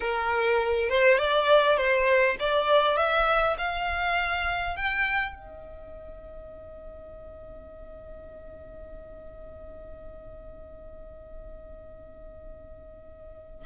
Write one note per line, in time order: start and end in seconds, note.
0.00 0.89 A#4
0.89 1.18 C5
1.18 1.77 D5
1.77 2.36 C5
2.39 2.96 D5
2.96 3.56 E5
3.58 4.76 F5
4.76 5.35 G5
5.35 13.65 D#5